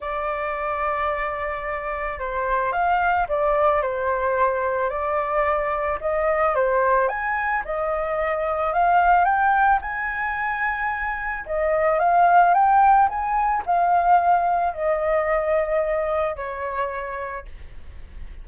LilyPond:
\new Staff \with { instrumentName = "flute" } { \time 4/4 \tempo 4 = 110 d''1 | c''4 f''4 d''4 c''4~ | c''4 d''2 dis''4 | c''4 gis''4 dis''2 |
f''4 g''4 gis''2~ | gis''4 dis''4 f''4 g''4 | gis''4 f''2 dis''4~ | dis''2 cis''2 | }